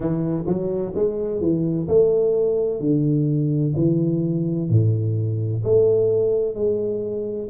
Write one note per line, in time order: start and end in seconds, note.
0.00 0.44 E3
0.46 0.93 F#3
0.95 1.41 G#3
1.41 1.87 E3
1.87 2.80 A3
2.80 3.73 D3
3.75 4.69 E3
4.69 5.63 A2
5.64 6.55 A3
6.55 7.48 G#3